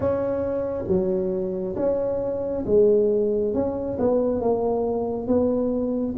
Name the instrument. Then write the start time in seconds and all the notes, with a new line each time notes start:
tuba
0.00 C#4
0.87 F#3
1.76 C#4
2.66 G#3
3.54 C#4
3.98 B3
4.41 A#3
5.27 B3